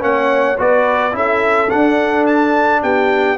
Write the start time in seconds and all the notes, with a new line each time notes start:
0.00 A#3 C#4 C#5 F#5
0.59 B3 F#4 B4 D5
1.12 C#4 E4 A4 E5
1.70 D4 F#5
2.27 A5
2.83 B3 G4 G5